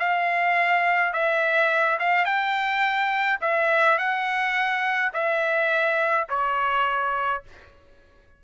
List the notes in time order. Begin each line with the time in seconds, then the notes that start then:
0.00 F5
1.14 E5
2.00 F5
2.25 G5
3.41 E5
3.98 F#5
5.14 E5
6.29 C#5